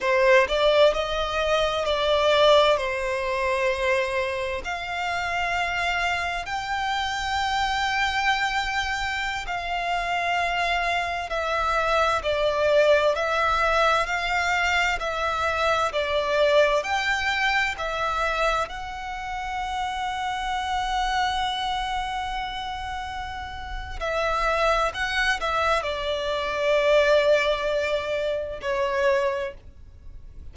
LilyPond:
\new Staff \with { instrumentName = "violin" } { \time 4/4 \tempo 4 = 65 c''8 d''8 dis''4 d''4 c''4~ | c''4 f''2 g''4~ | g''2~ g''16 f''4.~ f''16~ | f''16 e''4 d''4 e''4 f''8.~ |
f''16 e''4 d''4 g''4 e''8.~ | e''16 fis''2.~ fis''8.~ | fis''2 e''4 fis''8 e''8 | d''2. cis''4 | }